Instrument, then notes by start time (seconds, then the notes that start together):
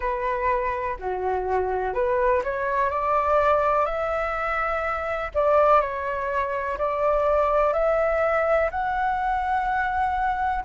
flute
0.00 B4
0.99 F#4
1.94 B4
2.43 C#5
2.90 D5
3.85 E5
5.34 D5
5.81 C#5
6.77 D5
7.73 E5
8.71 F#5